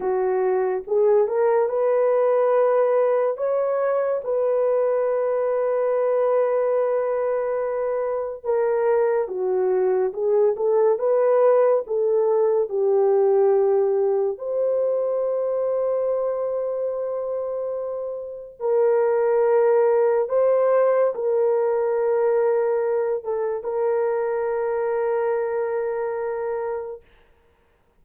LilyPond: \new Staff \with { instrumentName = "horn" } { \time 4/4 \tempo 4 = 71 fis'4 gis'8 ais'8 b'2 | cis''4 b'2.~ | b'2 ais'4 fis'4 | gis'8 a'8 b'4 a'4 g'4~ |
g'4 c''2.~ | c''2 ais'2 | c''4 ais'2~ ais'8 a'8 | ais'1 | }